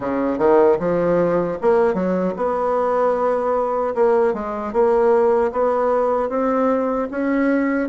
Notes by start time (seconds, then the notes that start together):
0.00 C#3
0.38 D#3
0.79 F3
1.61 A#3
1.93 F#3
2.36 B3
3.94 A#3
4.33 G#3
4.72 A#3
5.52 B3
6.29 C4
7.11 C#4